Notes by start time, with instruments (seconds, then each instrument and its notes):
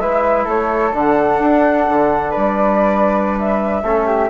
0.00 bassoon G#3, trombone E4, flute B4 E5
0.45 bassoon A3, flute A4 C#5
0.93 bassoon D3, trombone D4, flute F#5
1.40 bassoon D4
1.89 bassoon D3
2.31 bassoon G3, flute B4 D5
3.39 flute E5
3.83 bassoon A3, trombone C#4, flute A4
4.07 flute G4